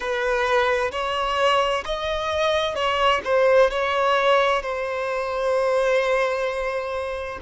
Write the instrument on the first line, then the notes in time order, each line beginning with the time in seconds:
violin
0.00 B4
0.91 C#5
1.85 D#5
2.74 C#5
3.24 C5
3.70 C#5
4.62 C5